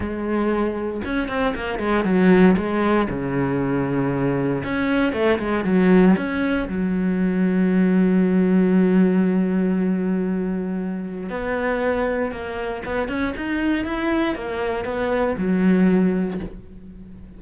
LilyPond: \new Staff \with { instrumentName = "cello" } { \time 4/4 \tempo 4 = 117 gis2 cis'8 c'8 ais8 gis8 | fis4 gis4 cis2~ | cis4 cis'4 a8 gis8 fis4 | cis'4 fis2.~ |
fis1~ | fis2 b2 | ais4 b8 cis'8 dis'4 e'4 | ais4 b4 fis2 | }